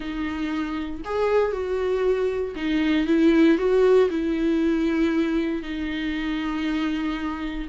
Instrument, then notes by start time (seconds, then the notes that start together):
viola
0.00 D#4
1.04 G#4
1.52 F#4
2.55 D#4
3.06 E4
3.58 F#4
4.10 E4
5.62 D#4